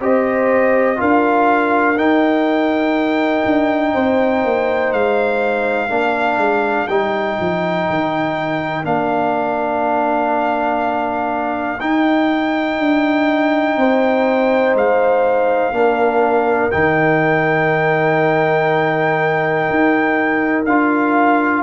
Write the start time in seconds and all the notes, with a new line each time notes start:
0.00 C4 G4 C5 D#5
0.96 D4 F4 A#4 F5
1.96 D#4 G5
3.45 D4
3.93 C4 C5
4.44 A#3
4.92 G#3 F5
5.89 A#3 D4 A#4
6.37 G#3
6.87 G3 D#4 G5
7.40 F3
7.89 D#3
8.83 A#3 D4 F5
11.80 D#4 G5
12.78 D4
13.76 C4 C5
14.74 G#3 F5
15.71 A#3 D4 A#4
16.71 D#3 D#4 G5
19.70 D#4
20.65 D4 F4 F5